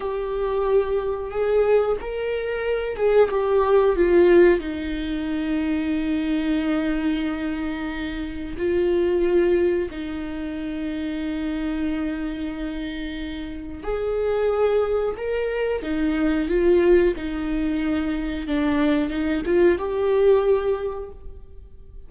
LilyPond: \new Staff \with { instrumentName = "viola" } { \time 4/4 \tempo 4 = 91 g'2 gis'4 ais'4~ | ais'8 gis'8 g'4 f'4 dis'4~ | dis'1~ | dis'4 f'2 dis'4~ |
dis'1~ | dis'4 gis'2 ais'4 | dis'4 f'4 dis'2 | d'4 dis'8 f'8 g'2 | }